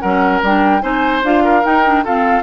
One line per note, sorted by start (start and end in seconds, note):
0.00 0.42 F#3
0.00 0.45 C#4
0.00 0.82 A#4
0.00 0.40 F#5
0.42 0.82 G3
0.42 0.81 D4
0.42 0.82 G5
0.81 1.22 C4
0.81 1.22 D#4
0.81 1.43 C5
0.81 1.22 G#5
1.23 1.63 D4
1.23 1.63 F4
1.23 1.65 F5
1.44 2.04 A#4
1.63 1.83 D#4
1.63 2.05 D#4
1.63 2.05 G5
1.85 2.05 D4
2.04 2.43 C4
2.04 2.43 F4
2.04 2.43 A4
2.04 2.43 F5